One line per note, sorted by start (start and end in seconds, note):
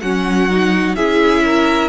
0.00 0.95 F#3
0.00 0.50 C#4
0.00 0.96 F#4
0.00 0.95 F#5
0.50 0.97 D#4
0.95 1.88 C#4
0.95 1.88 E4
0.95 1.43 G#4
0.95 1.88 E5
1.44 1.88 A#4